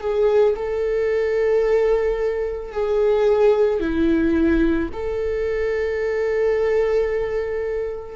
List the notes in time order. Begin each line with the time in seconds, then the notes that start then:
0.00 G#4
0.56 A4
2.72 G#4
3.80 E4
4.93 A4